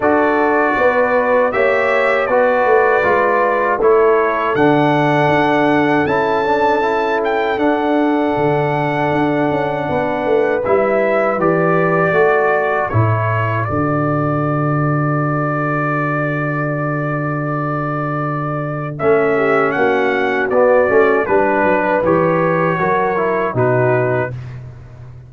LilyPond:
<<
  \new Staff \with { instrumentName = "trumpet" } { \time 4/4 \tempo 4 = 79 d''2 e''4 d''4~ | d''4 cis''4 fis''2 | a''4. g''8 fis''2~ | fis''2 e''4 d''4~ |
d''4 cis''4 d''2~ | d''1~ | d''4 e''4 fis''4 d''4 | b'4 cis''2 b'4 | }
  \new Staff \with { instrumentName = "horn" } { \time 4/4 a'4 b'4 cis''4 b'4~ | b'4 a'2.~ | a'1~ | a'4 b'2. |
a'1~ | a'1~ | a'4. g'8 fis'2 | b'2 ais'4 fis'4 | }
  \new Staff \with { instrumentName = "trombone" } { \time 4/4 fis'2 g'4 fis'4 | f'4 e'4 d'2 | e'8 d'8 e'4 d'2~ | d'2 e'4 g'4 |
fis'4 e'4 fis'2~ | fis'1~ | fis'4 cis'2 b8 cis'8 | d'4 g'4 fis'8 e'8 dis'4 | }
  \new Staff \with { instrumentName = "tuba" } { \time 4/4 d'4 b4 ais4 b8 a8 | gis4 a4 d4 d'4 | cis'2 d'4 d4 | d'8 cis'8 b8 a8 g4 e4 |
a4 a,4 d2~ | d1~ | d4 a4 ais4 b8 a8 | g8 fis8 e4 fis4 b,4 | }
>>